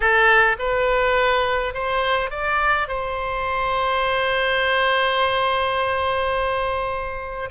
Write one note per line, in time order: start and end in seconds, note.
0.00 0.56 A4
0.58 1.74 B4
1.74 2.30 C5
2.30 2.87 D5
2.87 7.49 C5